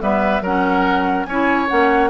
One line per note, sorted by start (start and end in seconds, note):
0.00 0.42 G3
0.00 0.42 B3
0.00 0.43 B4
0.00 0.43 E5
0.42 1.26 F#3
0.42 1.29 C#4
0.42 1.27 A#4
0.42 1.25 F#5
1.25 1.68 C#4
1.25 1.69 E4
1.25 2.10 C#5
1.25 1.67 G#5
1.69 2.10 A#3
1.69 2.10 C#4
1.69 2.10 F#5